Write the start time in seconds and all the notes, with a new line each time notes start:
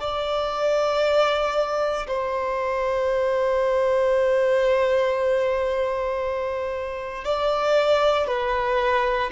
0.00 D5
2.07 C5
7.25 D5
8.27 B4